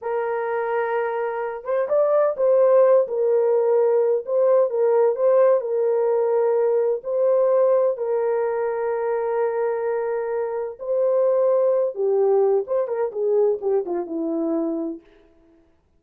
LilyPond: \new Staff \with { instrumentName = "horn" } { \time 4/4 \tempo 4 = 128 ais'2.~ ais'8 c''8 | d''4 c''4. ais'4.~ | ais'4 c''4 ais'4 c''4 | ais'2. c''4~ |
c''4 ais'2.~ | ais'2. c''4~ | c''4. g'4. c''8 ais'8 | gis'4 g'8 f'8 e'2 | }